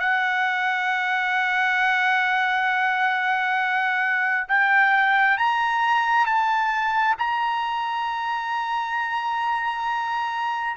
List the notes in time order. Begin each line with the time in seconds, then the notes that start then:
0.00 F#5
4.49 G5
5.38 A#5
6.26 A5
7.19 A#5